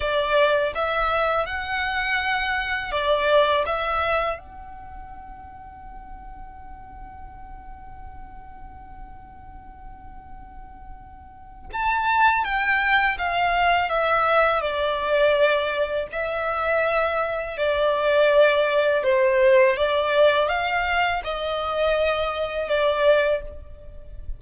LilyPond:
\new Staff \with { instrumentName = "violin" } { \time 4/4 \tempo 4 = 82 d''4 e''4 fis''2 | d''4 e''4 fis''2~ | fis''1~ | fis''1 |
a''4 g''4 f''4 e''4 | d''2 e''2 | d''2 c''4 d''4 | f''4 dis''2 d''4 | }